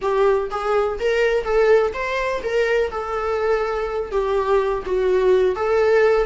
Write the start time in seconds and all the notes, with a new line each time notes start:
0.01 G4
0.50 G#4
0.99 A#4
1.43 A4
1.93 C5
2.43 A#4
2.90 A4
4.11 G4
4.85 F#4
5.55 A4